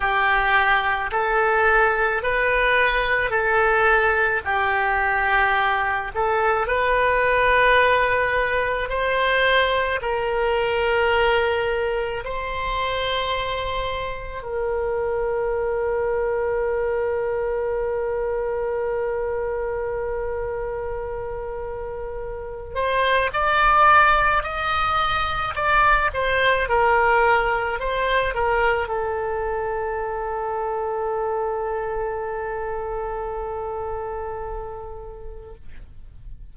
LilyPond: \new Staff \with { instrumentName = "oboe" } { \time 4/4 \tempo 4 = 54 g'4 a'4 b'4 a'4 | g'4. a'8 b'2 | c''4 ais'2 c''4~ | c''4 ais'2.~ |
ais'1~ | ais'8 c''8 d''4 dis''4 d''8 c''8 | ais'4 c''8 ais'8 a'2~ | a'1 | }